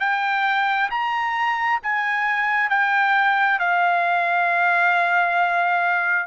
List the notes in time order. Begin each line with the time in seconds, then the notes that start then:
0.00 G5
0.90 A#5
1.83 G#5
2.70 G5
3.59 F5